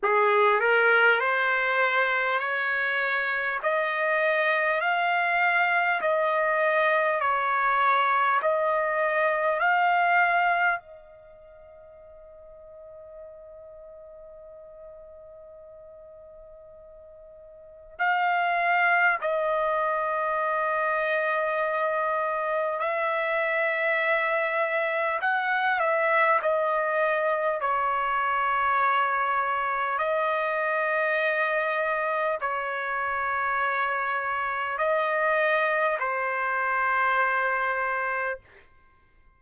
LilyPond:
\new Staff \with { instrumentName = "trumpet" } { \time 4/4 \tempo 4 = 50 gis'8 ais'8 c''4 cis''4 dis''4 | f''4 dis''4 cis''4 dis''4 | f''4 dis''2.~ | dis''2. f''4 |
dis''2. e''4~ | e''4 fis''8 e''8 dis''4 cis''4~ | cis''4 dis''2 cis''4~ | cis''4 dis''4 c''2 | }